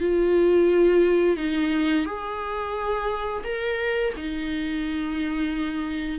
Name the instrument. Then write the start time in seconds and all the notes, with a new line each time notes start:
viola
0.00 F4
1.37 D#4
2.06 G#4
3.44 A#4
4.17 D#4